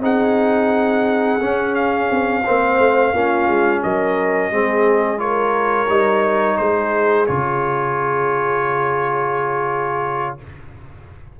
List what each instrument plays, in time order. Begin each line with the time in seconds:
0.00 tuba C4, trombone D#4, horn G#4, trumpet F#5
1.40 tuba C#4, trombone C#4
1.75 trumpet F5
2.11 tuba C4
2.45 tuba A#3, trombone C4, horn C5
2.79 tuba A3
3.13 tuba A#3, trombone C#4, horn F4
3.47 tuba G#3
3.83 tuba F#3, horn A#4, trumpet D#5
4.51 tuba G#3, trombone C4, horn G#4
5.18 trombone F4, horn A#4, trumpet C#5
5.88 tuba G3, trombone D#4
6.57 tuba G#3, horn G#4, trumpet C5
7.26 tuba C#3, trombone F4, trumpet C#5